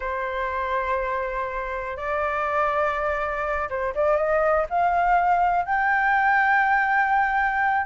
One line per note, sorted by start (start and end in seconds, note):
0.00 1.96 C5
1.96 3.68 D5
3.69 3.94 C5
3.95 4.16 D5
4.16 4.66 D#5
4.69 5.65 F5
5.65 7.86 G5